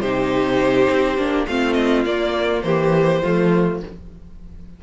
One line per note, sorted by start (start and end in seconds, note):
0.00 0.88 C3
0.00 1.18 D#4
0.00 1.47 G4
0.00 1.46 C5
0.90 1.18 C4
1.18 1.47 A#3
1.18 1.47 D4
1.47 2.05 A3
1.47 2.06 C4
1.47 2.65 F4
1.47 1.73 F5
1.73 2.02 D#5
2.05 2.63 A#3
2.05 3.22 A#3
2.05 2.62 D5
2.62 3.22 E3
2.62 3.23 G4
2.62 3.79 C5
3.23 3.83 F3
3.23 3.82 A3
3.23 3.81 F4